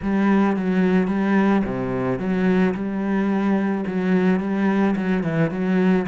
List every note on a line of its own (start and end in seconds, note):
0.02 0.56 G3
0.56 1.07 F#3
1.07 1.62 G3
1.64 2.19 C3
2.19 2.74 F#3
2.74 3.84 G3
3.87 4.40 F#3
4.40 4.95 G3
4.96 5.23 F#3
5.23 5.50 E3
5.50 6.06 F#3